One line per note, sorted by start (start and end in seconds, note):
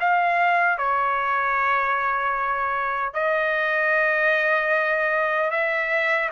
0.00 0.78 F5
0.78 3.14 C#5
3.14 5.51 D#5
5.51 6.30 E5